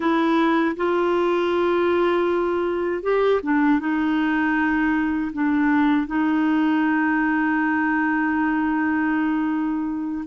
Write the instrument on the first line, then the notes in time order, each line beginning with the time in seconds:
clarinet
0.00 E4
0.76 F4
3.02 G4
3.42 D4
3.79 D#4
5.32 D4
6.07 D#4